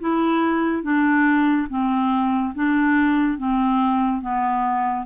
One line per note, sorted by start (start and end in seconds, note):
0.00 0.83 E4
0.83 1.67 D4
1.69 2.54 C4
2.55 3.38 D4
3.38 4.21 C4
4.21 5.06 B3